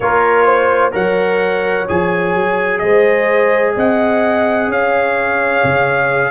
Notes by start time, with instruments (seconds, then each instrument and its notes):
0.00 tuba A#3, trombone F4, horn A#4, trumpet C#5
0.45 horn C5
0.91 tuba F#3, trombone A#4, horn C#5, trumpet F#5
1.88 tuba F3, trombone G#4, trumpet G#5
2.35 tuba F#3
2.78 tuba G#3, horn C5, trumpet D#5
3.74 tuba C4, horn D#5, trumpet F#5
4.67 tuba C#4, horn C#5, trumpet F5
5.63 tuba C#3